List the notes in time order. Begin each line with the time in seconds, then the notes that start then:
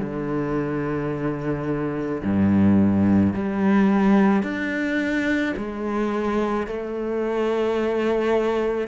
0.00 D3
2.23 G2
3.34 G3
4.43 D4
5.57 G#3
6.67 A3